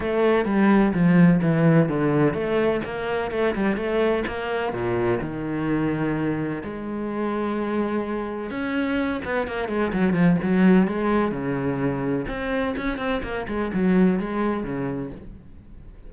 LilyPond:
\new Staff \with { instrumentName = "cello" } { \time 4/4 \tempo 4 = 127 a4 g4 f4 e4 | d4 a4 ais4 a8 g8 | a4 ais4 ais,4 dis4~ | dis2 gis2~ |
gis2 cis'4. b8 | ais8 gis8 fis8 f8 fis4 gis4 | cis2 c'4 cis'8 c'8 | ais8 gis8 fis4 gis4 cis4 | }